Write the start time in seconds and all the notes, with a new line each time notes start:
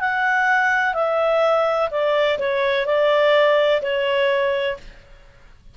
0.00 F#5
0.94 E5
1.91 D5
2.39 C#5
2.86 D5
3.82 C#5